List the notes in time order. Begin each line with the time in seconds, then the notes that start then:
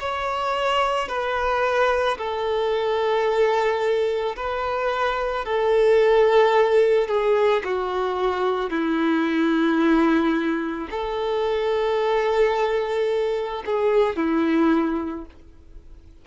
0.00 C#5
1.09 B4
2.18 A4
4.36 B4
5.45 A4
7.09 G#4
7.65 F#4
8.71 E4
10.91 A4
13.66 G#4
14.17 E4